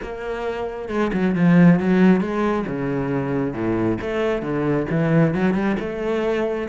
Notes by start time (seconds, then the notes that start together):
0.02 A#3
0.88 G#3
1.13 F#3
1.35 F3
1.79 F#3
2.20 G#3
2.67 C#3
3.53 A2
4.01 A3
4.42 D3
4.89 E3
5.34 F#3
5.53 G3
5.79 A3